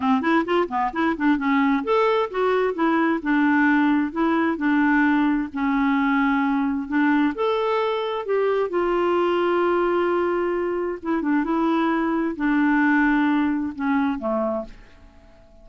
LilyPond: \new Staff \with { instrumentName = "clarinet" } { \time 4/4 \tempo 4 = 131 c'8 e'8 f'8 b8 e'8 d'8 cis'4 | a'4 fis'4 e'4 d'4~ | d'4 e'4 d'2 | cis'2. d'4 |
a'2 g'4 f'4~ | f'1 | e'8 d'8 e'2 d'4~ | d'2 cis'4 a4 | }